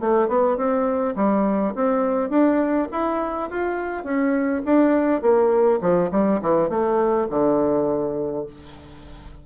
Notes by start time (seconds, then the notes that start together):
0.00 A3
0.28 B3
0.57 C4
1.16 G3
1.75 C4
2.30 D4
2.92 E4
3.50 F4
4.04 C#4
4.65 D4
5.21 A#3
5.81 F3
6.11 G3
6.42 E3
6.69 A3
7.30 D3